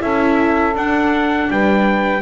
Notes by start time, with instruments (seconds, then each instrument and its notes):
0.00 double bass C#4, viola E4, saxophone A4, trumpet E5
0.75 double bass D4, viola D4, trumpet F#5
1.50 double bass G3, saxophone B4, trumpet G5